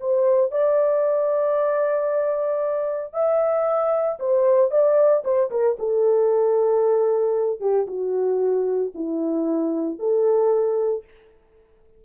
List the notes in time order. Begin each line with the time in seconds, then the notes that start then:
0.00 C5
0.51 D5
3.13 E5
4.19 C5
4.71 D5
5.24 C5
5.50 A#4
5.79 A4
7.60 G4
7.87 F#4
8.94 E4
9.99 A4